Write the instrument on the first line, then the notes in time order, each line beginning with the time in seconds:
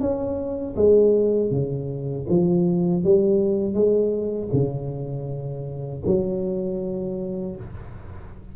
tuba
0.00 C#4
0.76 G#3
1.51 C#3
2.29 F3
3.03 G3
3.73 G#3
4.52 C#3
6.06 F#3